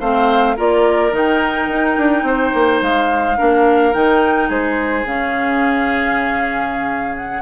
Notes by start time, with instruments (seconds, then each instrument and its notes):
0.00 bassoon A3, clarinet C4, oboe C5, flute F5
0.56 bassoon A#3, clarinet F4, oboe A#4, flute D5
1.11 bassoon D#3, clarinet D#4, flute G5
1.68 bassoon D#4
1.97 bassoon D4
2.23 bassoon C4, oboe C5
2.54 bassoon A#3
2.81 bassoon G#3, flute F5
3.37 bassoon A#3, clarinet D4, oboe A#4
3.93 bassoon D#3, clarinet D#4, flute G5
4.48 bassoon G#3, oboe G#4, flute C5
5.04 bassoon C#3, clarinet C#4, flute F5
7.17 flute F#5